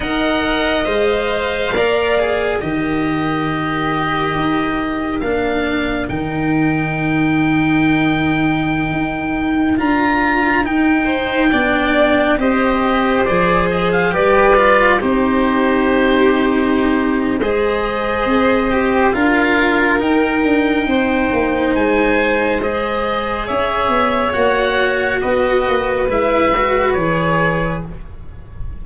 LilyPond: <<
  \new Staff \with { instrumentName = "oboe" } { \time 4/4 \tempo 4 = 69 fis''4 f''2 dis''4~ | dis''2 f''4 g''4~ | g''2.~ g''16 ais''8.~ | ais''16 g''2 dis''4 d''8 dis''16 |
f''16 d''4 c''2~ c''8. | dis''2 f''4 g''4~ | g''4 gis''4 dis''4 e''4 | fis''4 dis''4 e''4 cis''4 | }
  \new Staff \with { instrumentName = "violin" } { \time 4/4 dis''2 d''4 ais'4~ | ais'1~ | ais'1~ | ais'8. c''8 d''4 c''4.~ c''16~ |
c''16 b'4 g'2~ g'8. | c''2 ais'2 | c''2. cis''4~ | cis''4 b'2. | }
  \new Staff \with { instrumentName = "cello" } { \time 4/4 ais'4 c''4 ais'8 gis'8 g'4~ | g'2 d'4 dis'4~ | dis'2.~ dis'16 f'8.~ | f'16 dis'4 d'4 g'4 gis'8.~ |
gis'16 g'8 f'8 dis'2~ dis'8. | gis'4. g'8 f'4 dis'4~ | dis'2 gis'2 | fis'2 e'8 fis'8 gis'4 | }
  \new Staff \with { instrumentName = "tuba" } { \time 4/4 dis'4 gis4 ais4 dis4~ | dis4 dis'4 ais4 dis4~ | dis2~ dis16 dis'4 d'8.~ | d'16 dis'4 b4 c'4 f8.~ |
f16 g4 c'2~ c'8. | gis4 c'4 d'4 dis'8 d'8 | c'8 ais8 gis2 cis'8 b8 | ais4 b8 ais8 gis4 e4 | }
>>